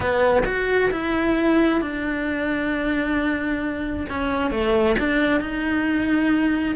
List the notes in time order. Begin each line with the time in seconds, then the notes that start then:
0.00 B3
0.45 F#4
0.91 E4
1.81 D4
4.09 C#4
4.50 A3
4.99 D4
5.40 D#4